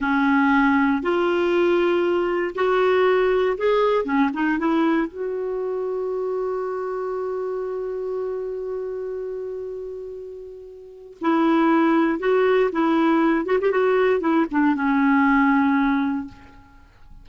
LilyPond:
\new Staff \with { instrumentName = "clarinet" } { \time 4/4 \tempo 4 = 118 cis'2 f'2~ | f'4 fis'2 gis'4 | cis'8 dis'8 e'4 fis'2~ | fis'1~ |
fis'1~ | fis'2 e'2 | fis'4 e'4. fis'16 g'16 fis'4 | e'8 d'8 cis'2. | }